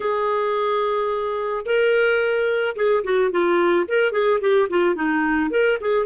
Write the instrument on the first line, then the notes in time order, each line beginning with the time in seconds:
clarinet
0.00 G#4
1.65 A#4
2.76 G#4
3.04 F#4
3.31 F4
3.88 A#4
4.12 G#4
4.40 G4
4.69 F4
4.95 D#4
5.50 A#4
5.80 G#4